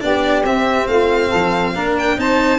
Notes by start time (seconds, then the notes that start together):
0.00 B3 D4 G4 D5
0.44 C4 E5
0.87 A3 F4 F5
1.28 F3 A4
1.74 A#3 D4 A#4
1.99 G5
2.18 C4 D#4 C5 A5